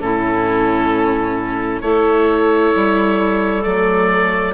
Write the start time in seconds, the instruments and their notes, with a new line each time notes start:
0.00 bassoon A2, viola C#4, clarinet E4, oboe A4
1.81 bassoon A3, viola E4, clarinet A4, oboe C#5
2.76 bassoon G3
3.63 bassoon F#3, viola A3, oboe D5